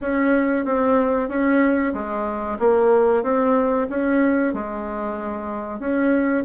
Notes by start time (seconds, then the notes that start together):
0.01 C#4
0.65 C4
1.28 C#4
1.93 G#3
2.59 A#3
3.23 C4
3.89 C#4
4.53 G#3
5.79 C#4